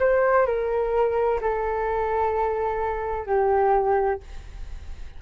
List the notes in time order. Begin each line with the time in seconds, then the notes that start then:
0.00 C5
0.47 A#4
1.41 A4
3.27 G4